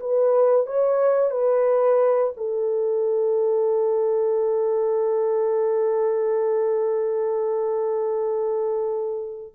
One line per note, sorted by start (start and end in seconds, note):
0.00 0.66 B4
0.66 1.31 C#5
1.31 2.33 B4
2.37 9.53 A4